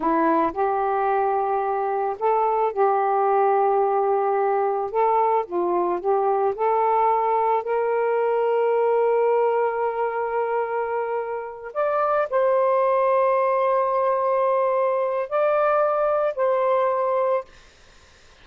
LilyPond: \new Staff \with { instrumentName = "saxophone" } { \time 4/4 \tempo 4 = 110 e'4 g'2. | a'4 g'2.~ | g'4 a'4 f'4 g'4 | a'2 ais'2~ |
ais'1~ | ais'4. d''4 c''4.~ | c''1 | d''2 c''2 | }